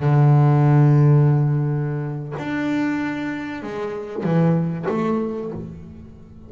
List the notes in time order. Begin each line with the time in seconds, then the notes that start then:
0.00 D3
2.38 D4
3.62 G#3
4.23 E3
4.88 A3